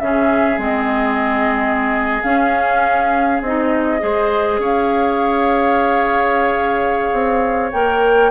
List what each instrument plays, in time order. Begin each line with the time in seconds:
0.00 bassoon C#3, clarinet C#4, oboe G#4, flute E5
0.58 bassoon G#3, clarinet C4, flute D#5
2.23 clarinet C#4, bassoon C#4, flute F5
3.42 bassoon C4, clarinet D#4, flute D#5
4.00 bassoon G#3, clarinet G#4, oboe C5
4.59 bassoon C#4, oboe C#5, flute F5
7.13 bassoon C4
7.72 bassoon A#3, clarinet A#4, flute G5